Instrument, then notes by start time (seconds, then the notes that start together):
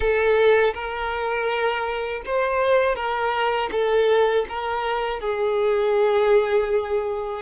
violin
0.00 A4
0.74 A#4
2.25 C5
2.95 A#4
3.71 A4
4.48 A#4
5.20 G#4